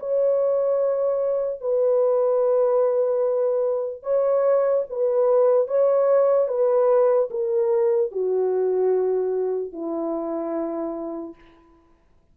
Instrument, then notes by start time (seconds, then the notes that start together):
horn
0.00 C#5
1.61 B4
4.04 C#5
4.90 B4
5.68 C#5
6.49 B4
7.31 A#4
8.12 F#4
9.73 E4